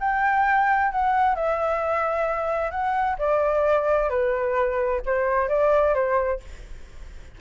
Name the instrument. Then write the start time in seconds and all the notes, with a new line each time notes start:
flute
0.00 G5
0.92 F#5
1.36 E5
2.71 F#5
3.19 D5
4.10 B4
5.06 C5
5.49 D5
5.94 C5